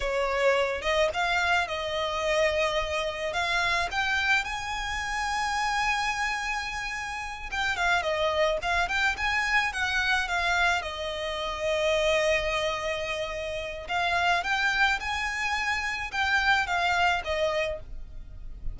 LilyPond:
\new Staff \with { instrumentName = "violin" } { \time 4/4 \tempo 4 = 108 cis''4. dis''8 f''4 dis''4~ | dis''2 f''4 g''4 | gis''1~ | gis''4. g''8 f''8 dis''4 f''8 |
g''8 gis''4 fis''4 f''4 dis''8~ | dis''1~ | dis''4 f''4 g''4 gis''4~ | gis''4 g''4 f''4 dis''4 | }